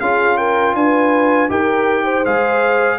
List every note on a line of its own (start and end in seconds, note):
0.00 0.75 C#4
0.00 1.49 F4
0.00 0.38 G#4
0.00 0.37 F5
0.37 0.75 A#4
0.37 0.75 G5
0.75 1.50 D4
0.75 1.50 B4
0.75 1.51 G#5
1.49 2.25 D#4
1.49 2.24 G4
1.49 2.04 A#4
1.49 2.25 G5
2.04 2.98 C5
2.25 2.99 G#3
2.25 2.99 G#4
2.25 2.99 F5